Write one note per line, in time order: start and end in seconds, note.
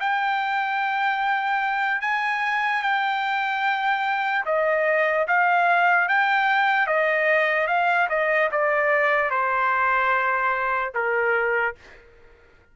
0.00 2.01 G5
2.01 2.82 G#5
2.83 4.45 G5
4.46 5.27 D#5
5.27 6.08 F5
6.08 6.87 G5
6.87 7.67 D#5
7.67 8.08 F5
8.09 8.50 D#5
8.51 9.31 D5
9.31 10.93 C5
10.94 11.75 A#4